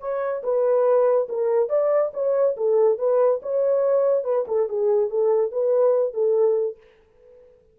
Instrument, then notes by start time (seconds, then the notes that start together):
horn
0.00 C#5
0.43 B4
1.29 A#4
1.69 D5
2.14 C#5
2.57 A4
2.98 B4
3.42 C#5
4.24 B4
4.48 A4
4.68 G#4
5.10 A4
5.52 B4
6.14 A4